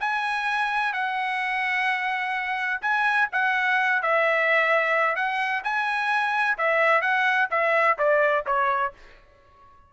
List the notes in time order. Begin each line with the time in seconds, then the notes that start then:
0.00 G#5
0.93 F#5
2.81 G#5
3.32 F#5
4.02 E5
5.16 F#5
5.64 G#5
6.58 E5
7.01 F#5
7.50 E5
7.98 D5
8.46 C#5